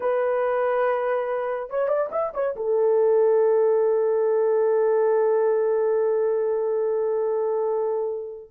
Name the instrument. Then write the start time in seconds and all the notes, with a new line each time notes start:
horn
0.00 B4
1.70 C#5
1.88 D5
2.11 E5
2.34 C#5
2.56 A4